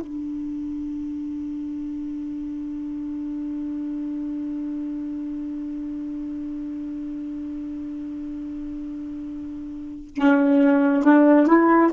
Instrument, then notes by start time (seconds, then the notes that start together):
saxophone
0.00 D4
10.15 C#4
11.03 D4
11.47 E4